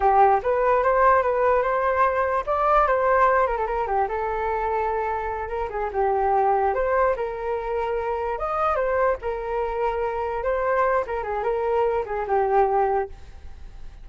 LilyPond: \new Staff \with { instrumentName = "flute" } { \time 4/4 \tempo 4 = 147 g'4 b'4 c''4 b'4 | c''2 d''4 c''4~ | c''8 ais'16 a'16 ais'8 g'8 a'2~ | a'4. ais'8 gis'8 g'4.~ |
g'8 c''4 ais'2~ ais'8~ | ais'8 dis''4 c''4 ais'4.~ | ais'4. c''4. ais'8 gis'8 | ais'4. gis'8 g'2 | }